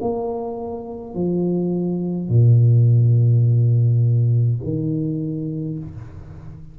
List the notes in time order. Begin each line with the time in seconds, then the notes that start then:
0.00 A#3
1.14 F3
2.29 A#2
4.63 D#3